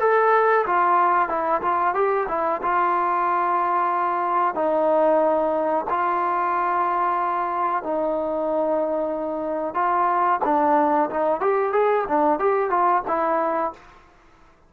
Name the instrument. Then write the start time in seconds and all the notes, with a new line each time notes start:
trombone
0.00 A4
0.66 F4
1.29 E4
1.62 F4
1.94 G4
2.28 E4
2.62 F4
4.55 D#4
5.89 F4
7.83 D#4
9.74 F4
10.44 D4
11.10 D#4
11.40 G4
11.72 G#4
12.08 D4
12.39 G4
12.70 F4
13.08 E4